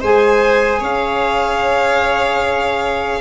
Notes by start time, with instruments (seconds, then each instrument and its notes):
0.00 tuba G#3, saxophone G#4, violin C5 G#5
0.79 tuba C#4, violin C#5 F5